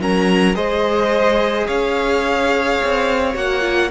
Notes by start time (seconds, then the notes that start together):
0.00 F#3 C#4 A#4 A#5
0.54 G#3 G#4 C5 D#5
1.67 C#4 C#5 F5
2.84 C4
3.34 A#3 F#4 F#5
3.62 F4